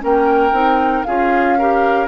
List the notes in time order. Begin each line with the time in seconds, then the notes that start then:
0.00 A#3 C#4 A#4 G5
0.52 C4 D#4
1.04 C#4 F4 G#4 F5
1.58 G4 A#4